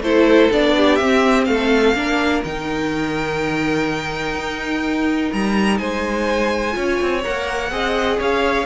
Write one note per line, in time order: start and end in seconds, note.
0.00 0.48 A3
0.00 0.51 E4
0.00 0.75 A4
0.00 0.51 C5
0.51 0.99 B3
0.51 0.99 D4
0.51 0.95 D5
0.75 1.47 G4
0.95 1.47 C4
0.95 1.95 C4
0.95 1.43 E5
1.45 1.94 A3
1.45 1.96 A4
1.45 2.41 F5
1.94 2.42 A#3
1.94 2.43 D4
1.94 5.79 A#4
2.44 4.35 D#3
2.44 6.72 D#4
2.44 5.32 G5
4.35 5.31 D#4
5.32 5.79 G3
5.32 5.78 A#5
5.78 6.75 G#3
5.78 6.75 C5
5.78 7.22 G#5
6.72 7.00 C#4
6.72 7.20 F4
6.72 7.71 C#5
7.01 7.25 C4
7.24 7.71 A#3
7.24 7.71 A#4
7.24 8.20 F#5
7.71 8.19 C4
7.71 8.66 G#4
7.71 8.18 D#5
8.18 8.66 C#4
8.18 8.66 C#5
8.18 8.66 F5